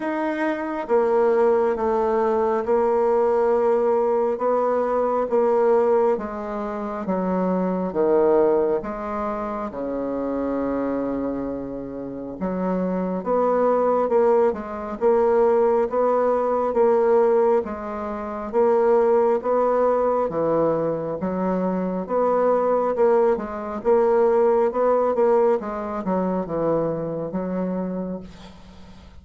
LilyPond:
\new Staff \with { instrumentName = "bassoon" } { \time 4/4 \tempo 4 = 68 dis'4 ais4 a4 ais4~ | ais4 b4 ais4 gis4 | fis4 dis4 gis4 cis4~ | cis2 fis4 b4 |
ais8 gis8 ais4 b4 ais4 | gis4 ais4 b4 e4 | fis4 b4 ais8 gis8 ais4 | b8 ais8 gis8 fis8 e4 fis4 | }